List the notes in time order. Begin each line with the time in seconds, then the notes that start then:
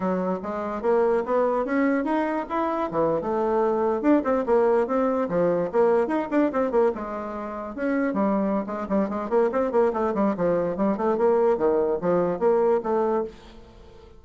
0.00 F#3
0.43 G#3
0.82 A#3
1.25 B3
1.65 C#4
2.04 D#4
2.49 E4
2.91 E3
3.21 A3
4.01 D4
4.24 C4
4.45 A#3
4.87 C4
5.28 F3
5.72 A#3
6.07 D#4
6.30 D4
6.52 C4
6.71 A#3
6.95 G#3
7.75 C#4
8.13 G3
8.66 G#3
8.89 G3
9.09 G#3
9.29 A#3
9.52 C4
9.71 A#3
9.93 A3
10.14 G3
10.36 F3
10.76 G3
10.97 A3
11.17 A#3
11.57 D#3
12.01 F3
12.39 A#3
12.83 A3